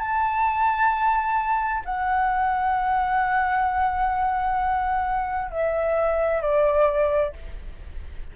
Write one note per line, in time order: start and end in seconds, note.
0.00 1.84 A5
1.85 5.51 F#5
5.51 6.41 E5
6.41 7.33 D5